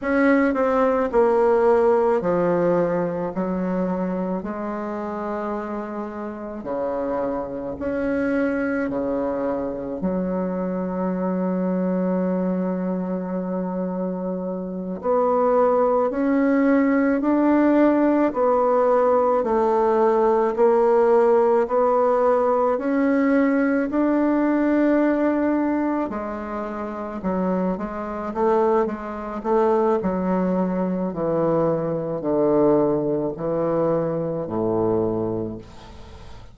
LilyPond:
\new Staff \with { instrumentName = "bassoon" } { \time 4/4 \tempo 4 = 54 cis'8 c'8 ais4 f4 fis4 | gis2 cis4 cis'4 | cis4 fis2.~ | fis4. b4 cis'4 d'8~ |
d'8 b4 a4 ais4 b8~ | b8 cis'4 d'2 gis8~ | gis8 fis8 gis8 a8 gis8 a8 fis4 | e4 d4 e4 a,4 | }